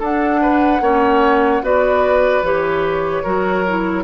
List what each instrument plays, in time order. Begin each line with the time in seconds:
0.00 bassoon D4, clarinet D4, oboe A4, flute F#5
0.42 oboe B4
0.81 bassoon A#3, clarinet C#4, oboe C#5
1.62 bassoon B3, clarinet F#4, oboe B4, flute D5
2.43 bassoon E3, clarinet G4, flute C#5
3.24 bassoon F#3, clarinet F#4, oboe A#4
3.68 clarinet E4